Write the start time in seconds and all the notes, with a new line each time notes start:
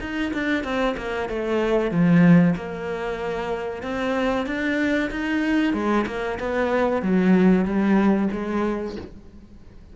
0.00 D#4
0.33 D4
0.63 C4
0.97 A#3
1.29 A3
1.91 F3
2.56 A#3
3.82 C4
4.46 D4
5.10 D#4
5.73 G#3
6.06 A#3
6.39 B3
7.02 F#3
7.65 G3
8.32 G#3